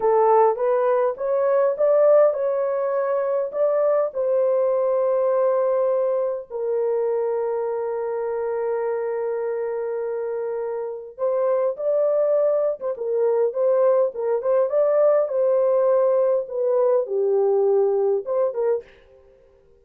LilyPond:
\new Staff \with { instrumentName = "horn" } { \time 4/4 \tempo 4 = 102 a'4 b'4 cis''4 d''4 | cis''2 d''4 c''4~ | c''2. ais'4~ | ais'1~ |
ais'2. c''4 | d''4.~ d''16 c''16 ais'4 c''4 | ais'8 c''8 d''4 c''2 | b'4 g'2 c''8 ais'8 | }